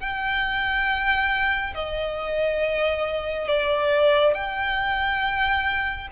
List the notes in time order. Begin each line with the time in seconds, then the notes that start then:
0.00 G5
1.75 D#5
3.48 D5
4.34 G5